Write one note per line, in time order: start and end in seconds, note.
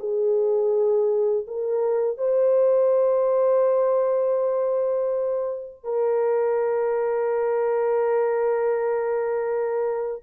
0.00 1.46 G#4
1.47 2.18 A#4
2.18 5.84 C5
5.84 10.23 A#4